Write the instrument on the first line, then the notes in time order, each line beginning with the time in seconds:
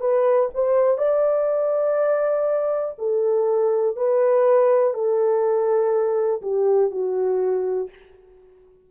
horn
0.00 B4
0.55 C5
0.98 D5
2.99 A4
3.96 B4
4.94 A4
6.42 G4
6.91 F#4